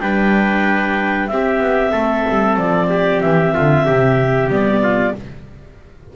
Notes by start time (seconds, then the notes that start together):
0.00 G3 D4 B4 G5
1.28 C4 E5
1.34 G4
1.60 B3
1.92 A3 A4
2.30 G3
2.57 F3 D5
2.90 G4
3.22 E3 E5
3.54 D3 F4
3.86 C3 G4
4.48 G3 B3 D5
4.83 F4